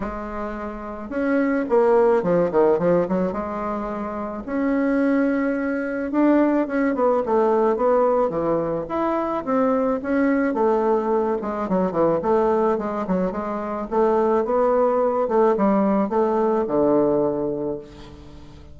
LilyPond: \new Staff \with { instrumentName = "bassoon" } { \time 4/4 \tempo 4 = 108 gis2 cis'4 ais4 | f8 dis8 f8 fis8 gis2 | cis'2. d'4 | cis'8 b8 a4 b4 e4 |
e'4 c'4 cis'4 a4~ | a8 gis8 fis8 e8 a4 gis8 fis8 | gis4 a4 b4. a8 | g4 a4 d2 | }